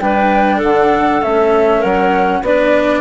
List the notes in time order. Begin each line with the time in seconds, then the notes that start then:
0.00 G3 D4 B4 G5
0.58 D3 A4 F#5
1.22 A3 C#4 E5
1.79 F#3 A#4 F#5
2.42 B3 D4 B4 D5